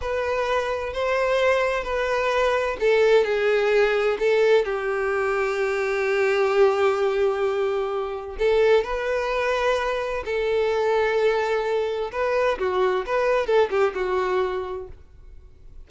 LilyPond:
\new Staff \with { instrumentName = "violin" } { \time 4/4 \tempo 4 = 129 b'2 c''2 | b'2 a'4 gis'4~ | gis'4 a'4 g'2~ | g'1~ |
g'2 a'4 b'4~ | b'2 a'2~ | a'2 b'4 fis'4 | b'4 a'8 g'8 fis'2 | }